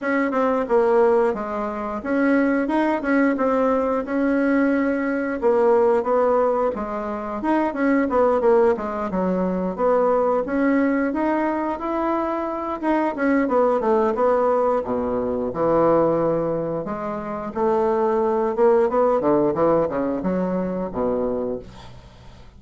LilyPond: \new Staff \with { instrumentName = "bassoon" } { \time 4/4 \tempo 4 = 89 cis'8 c'8 ais4 gis4 cis'4 | dis'8 cis'8 c'4 cis'2 | ais4 b4 gis4 dis'8 cis'8 | b8 ais8 gis8 fis4 b4 cis'8~ |
cis'8 dis'4 e'4. dis'8 cis'8 | b8 a8 b4 b,4 e4~ | e4 gis4 a4. ais8 | b8 d8 e8 cis8 fis4 b,4 | }